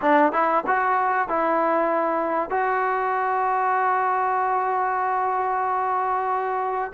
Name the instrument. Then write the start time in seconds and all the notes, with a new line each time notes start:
trombone
0.01 D4
0.32 E4
0.66 F#4
1.28 E4
2.49 F#4